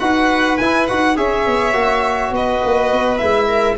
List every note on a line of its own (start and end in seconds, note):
0.00 0.59 D#4
0.00 0.59 F#4
0.00 1.17 B4
0.00 0.58 F#5
0.58 0.90 E4
0.58 0.87 G#5
0.88 1.18 D#4
0.88 1.17 F#4
0.88 1.17 F#5
1.17 1.47 C#4
1.17 1.73 G#4
1.17 2.35 C#5
1.17 2.34 E5
1.47 1.74 B3
1.73 2.31 A#3
1.73 3.19 F#4
2.31 2.60 B3
2.31 3.48 B4
2.31 3.18 D#5
2.65 2.92 A#3
2.92 3.21 B3
3.18 3.78 G#3
3.18 3.78 E4
3.18 3.76 E5
3.48 3.77 A#4